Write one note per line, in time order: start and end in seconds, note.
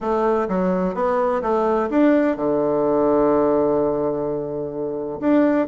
0.00 0.48 A3
0.48 0.94 F#3
0.94 1.41 B3
1.42 1.89 A3
1.90 2.36 D4
2.36 5.20 D3
5.20 5.67 D4